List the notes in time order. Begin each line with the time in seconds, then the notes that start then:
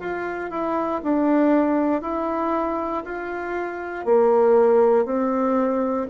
0.00 F4
0.51 E4
1.04 D4
2.02 E4
3.06 F4
4.06 A#3
5.06 C4